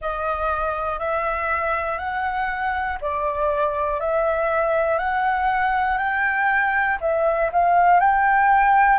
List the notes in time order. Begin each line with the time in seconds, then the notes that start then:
0.01 D#5
0.99 E5
1.98 F#5
3.01 D5
4.00 E5
4.98 F#5
5.98 G5
7.00 E5
7.52 F5
8.00 G5